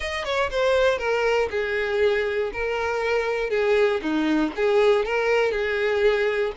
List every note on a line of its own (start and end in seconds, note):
0.00 0.24 D#5
0.24 0.50 C#5
0.50 0.98 C5
0.98 1.49 A#4
1.50 2.51 G#4
2.52 3.50 A#4
3.50 4.00 G#4
4.02 4.52 D#4
4.56 5.05 G#4
5.05 5.51 A#4
5.51 6.52 G#4